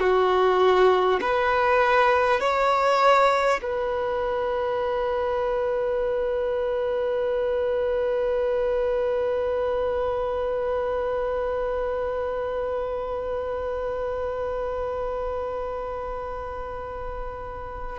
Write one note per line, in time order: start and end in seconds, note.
0.00 1.20 F#4
1.21 2.41 B4
2.41 3.61 C#5
3.62 17.99 B4